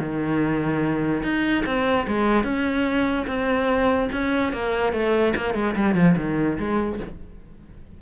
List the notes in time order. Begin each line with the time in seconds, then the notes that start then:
0.00 D#3
1.23 D#4
1.66 C4
2.08 G#3
2.44 C#4
3.27 C4
4.13 C#4
4.53 A#3
4.93 A3
5.37 A#3
5.55 G#3
5.76 G3
5.95 F3
6.17 D#3
6.59 G#3